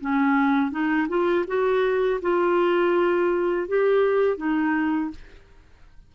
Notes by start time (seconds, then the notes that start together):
0.00 C#4
0.71 D#4
1.08 F4
1.47 F#4
2.21 F4
3.68 G4
4.37 D#4